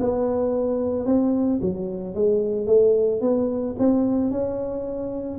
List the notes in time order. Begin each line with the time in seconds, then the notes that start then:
0.00 B3
1.06 C4
1.62 F#3
2.14 G#3
2.67 A3
3.21 B3
3.79 C4
4.31 C#4